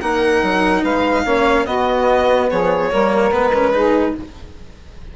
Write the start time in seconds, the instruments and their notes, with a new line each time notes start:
0.00 bassoon A#3, cello D#4, saxophone A#4, violin F#5
0.42 bassoon F#3
0.82 bassoon G#3, saxophone B4, violin F5
1.25 bassoon A#3, cello C#4, saxophone C#5
1.65 cello B3, bassoon B3, saxophone F#4, violin D#5
2.50 bassoon F3, saxophone G#4, violin C#5
2.90 bassoon G3, cello A#3, saxophone A#4
3.31 bassoon G#3, cello B3, violin B4
3.53 cello C#4
3.73 cello D#4, saxophone G#4